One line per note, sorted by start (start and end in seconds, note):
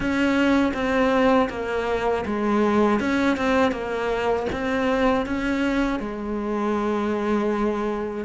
0.00 0.72 C#4
0.73 1.48 C4
1.49 2.24 A#3
2.26 3.00 G#3
3.00 3.36 C#4
3.36 3.71 C4
3.71 4.46 A#3
4.52 5.26 C4
5.26 5.99 C#4
5.99 8.24 G#3